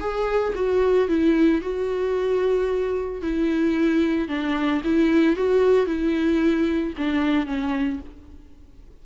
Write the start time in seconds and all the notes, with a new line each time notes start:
0.00 G#4
0.55 F#4
1.08 E4
1.61 F#4
3.22 E4
4.28 D4
4.84 E4
5.36 F#4
5.86 E4
6.97 D4
7.46 C#4